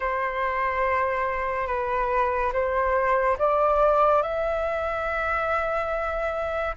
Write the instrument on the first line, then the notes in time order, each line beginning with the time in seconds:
flute
0.00 C5
1.67 B4
2.52 C5
3.38 D5
4.22 E5